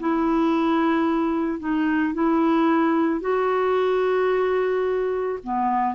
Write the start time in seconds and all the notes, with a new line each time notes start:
0.00 E4
1.60 D#4
2.14 E4
3.21 F#4
5.43 B3